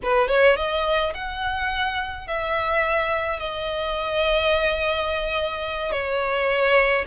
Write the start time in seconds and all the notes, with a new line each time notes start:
0.03 B4
0.28 C#5
0.56 D#5
1.14 F#5
2.27 E5
3.39 D#5
5.91 C#5